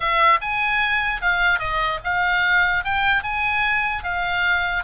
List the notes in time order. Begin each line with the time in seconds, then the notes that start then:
0.00 E5
0.41 G#5
1.21 F5
1.59 D#5
2.04 F5
2.84 G5
3.23 G#5
4.03 F5